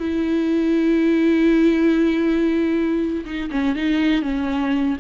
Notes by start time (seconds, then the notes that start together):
0.00 E4
3.25 D#4
3.51 C#4
3.76 D#4
4.22 C#4